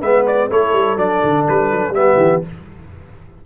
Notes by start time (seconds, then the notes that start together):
0.00 G#3 B3 B4 E5
0.27 D5
0.50 A3 E4 A4 C#5
0.73 G3
0.97 F#3 D4 D5
1.24 D3
1.49 G3 B4
1.72 F#3
1.90 G3 B3 E5
1.98 G4
2.17 E3